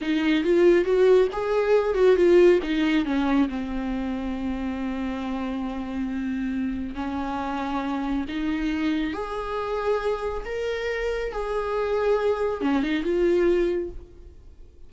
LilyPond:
\new Staff \with { instrumentName = "viola" } { \time 4/4 \tempo 4 = 138 dis'4 f'4 fis'4 gis'4~ | gis'8 fis'8 f'4 dis'4 cis'4 | c'1~ | c'1 |
cis'2. dis'4~ | dis'4 gis'2. | ais'2 gis'2~ | gis'4 cis'8 dis'8 f'2 | }